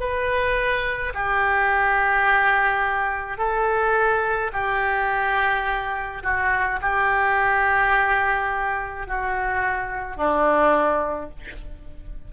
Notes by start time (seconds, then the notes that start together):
0.00 B4
1.14 G4
3.38 A4
4.53 G4
6.23 F#4
6.82 G4
9.07 F#4
10.17 D4